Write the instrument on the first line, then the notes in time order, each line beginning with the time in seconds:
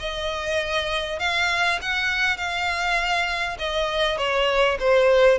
violin
0.00 D#5
1.19 F5
1.82 F#5
2.38 F5
3.59 D#5
4.18 C#5
4.80 C5